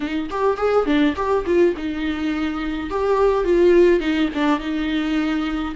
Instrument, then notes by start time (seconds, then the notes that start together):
viola
0.00 D#4
0.30 G4
0.57 G#4
0.85 D4
1.16 G4
1.46 F4
1.76 D#4
2.90 G4
3.44 F4
4.00 D#4
4.34 D4
4.59 D#4